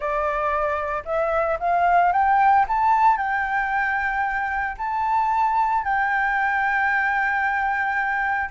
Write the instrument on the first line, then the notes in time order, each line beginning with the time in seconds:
flute
0.00 D5
1.05 E5
1.59 F5
2.12 G5
2.67 A5
3.17 G5
4.77 A5
5.84 G5